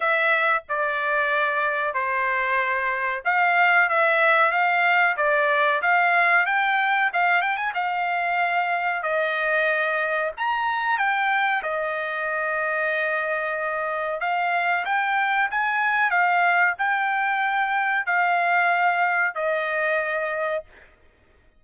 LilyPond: \new Staff \with { instrumentName = "trumpet" } { \time 4/4 \tempo 4 = 93 e''4 d''2 c''4~ | c''4 f''4 e''4 f''4 | d''4 f''4 g''4 f''8 g''16 gis''16 | f''2 dis''2 |
ais''4 g''4 dis''2~ | dis''2 f''4 g''4 | gis''4 f''4 g''2 | f''2 dis''2 | }